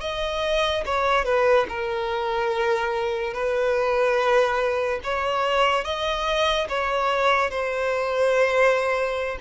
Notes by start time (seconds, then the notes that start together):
0.00 D#5
0.85 C#5
1.24 B4
1.69 A#4
3.33 B4
5.03 C#5
5.84 D#5
6.69 C#5
7.50 C5